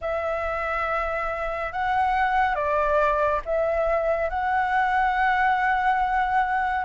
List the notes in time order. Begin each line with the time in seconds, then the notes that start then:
0.01 E5
1.72 F#5
2.55 D5
3.45 E5
4.29 F#5